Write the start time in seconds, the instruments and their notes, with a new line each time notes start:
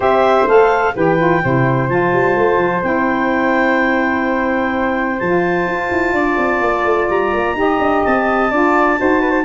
0.00 tuba C4, saxophone G4, flute C5, clarinet E5
0.46 tuba A3, saxophone A4, clarinet F5
0.95 tuba E3, saxophone G4, flute B4, clarinet G5
1.17 saxophone F4
1.42 tuba C3, saxophone E4, flute C5
1.89 tuba F3, saxophone F4, clarinet A5
2.12 tuba G3
2.36 tuba A3
2.57 tuba F3
2.82 tuba C4, saxophone E4, clarinet G5
5.19 tuba F3, saxophone F4, clarinet A5
5.66 tuba F4
5.91 tuba E4
6.12 tuba D4, flute D5
6.37 tuba C4
6.60 tuba A#3
6.83 tuba A3
7.09 tuba G3, clarinet A#5
7.33 tuba A#3
7.54 tuba D#4, saxophone G4, flute D#5
7.79 tuba D4
8.04 tuba C4, clarinet A5
8.51 tuba D4, saxophone F4, flute D5
8.97 tuba D#4, saxophone F#4, flute C5
9.21 flute B4
9.30 flute C5